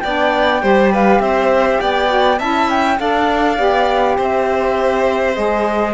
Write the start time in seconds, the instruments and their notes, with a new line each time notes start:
0.00 cello B3, saxophone D4, violin D5, flute G5
0.61 cello G3, saxophone G4, violin C5
0.92 violin B4, flute F5
1.19 cello C4, violin C5, flute E5
1.79 cello B3, violin D5, flute G5
2.07 saxophone F#4
2.38 cello C#4, saxophone E4, violin E5, flute A5
2.70 flute G5
2.99 cello D4, saxophone A4, violin D5, flute F5
3.57 cello B3, saxophone G4
4.17 cello C4, violin C5, flute E5
5.34 cello G#3, saxophone G#4, flute D#5